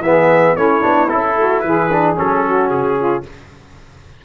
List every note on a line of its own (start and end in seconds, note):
0.00 0.54 E3
0.00 0.57 B3
0.00 0.56 E5
0.06 0.55 G#4
0.55 0.83 A3
0.55 0.82 C#4
0.55 1.36 E4
0.55 1.09 C#5
0.82 1.12 B3
0.82 1.08 D4
1.09 1.36 C#4
1.09 1.91 E4
1.09 1.61 A4
1.36 1.63 A3
1.36 1.63 F#4
1.61 2.18 E3
1.61 2.46 G#4
1.61 2.14 B4
1.93 2.16 D4
2.16 2.71 F#3
2.16 3.23 C#4
2.16 2.70 A4
2.46 2.98 F#4
2.70 3.24 C#3
2.70 3.24 G#4
2.98 3.25 F4